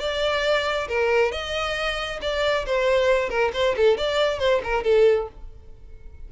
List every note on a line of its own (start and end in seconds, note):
0.00 0.88 D5
0.88 1.32 A#4
1.32 2.20 D#5
2.22 2.66 D5
2.66 3.30 C5
3.30 3.52 A#4
3.54 3.76 C5
3.77 3.97 A4
3.97 4.39 D5
4.39 4.61 C5
4.64 4.84 A#4
4.84 5.28 A4